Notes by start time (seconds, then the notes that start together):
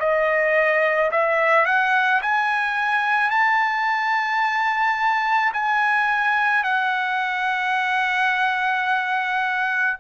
0.00 D#5
1.12 E5
1.66 F#5
2.23 G#5
3.31 A5
5.54 G#5
6.64 F#5